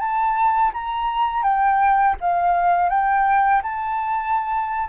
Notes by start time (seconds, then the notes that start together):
0.00 A5
0.74 A#5
1.43 G5
2.21 F5
2.90 G5
3.63 A5